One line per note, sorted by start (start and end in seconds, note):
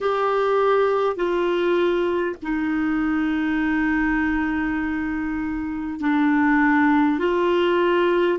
0.01 1.16 G4
1.16 2.36 F4
2.42 6.00 D#4
6.00 7.18 D4
7.18 8.38 F4